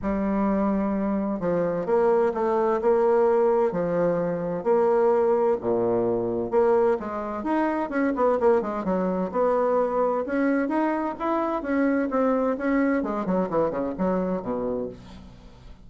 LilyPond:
\new Staff \with { instrumentName = "bassoon" } { \time 4/4 \tempo 4 = 129 g2. f4 | ais4 a4 ais2 | f2 ais2 | ais,2 ais4 gis4 |
dis'4 cis'8 b8 ais8 gis8 fis4 | b2 cis'4 dis'4 | e'4 cis'4 c'4 cis'4 | gis8 fis8 e8 cis8 fis4 b,4 | }